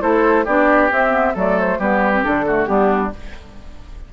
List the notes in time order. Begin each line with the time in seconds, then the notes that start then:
0.00 A3 E4 A4 C5
0.45 B3 D4 G4 D5
0.90 C4 E5
1.10 B3
1.33 F#3 A3 A4 D5
1.59 C5
1.78 G3 B3 G4 B4
2.13 C4
2.23 D3 D4 A4
2.46 A3 F#4
2.66 G3 B3 D4 G4